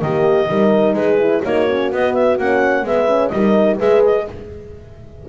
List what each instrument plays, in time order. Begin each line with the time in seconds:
0.00 double bass D#3, horn A#3 G4, clarinet D#5
0.47 double bass G3, horn D#4 A#4
0.93 double bass G#3, horn G#4, clarinet B4
1.19 horn E4
1.43 double bass A#3, horn D#4 F#4, clarinet C#5
1.68 horn C#4
1.91 double bass B3, horn B3, clarinet D#5
2.13 clarinet E5
2.38 double bass A#3, horn C#4, clarinet F#5
2.83 double bass G#3, horn B3 B4, clarinet E5
3.07 horn C#4
3.28 double bass G3, horn A#4, clarinet D#5
3.34 horn D#4
3.77 double bass G#3, horn G#4 B4, clarinet E5
4.05 clarinet D#5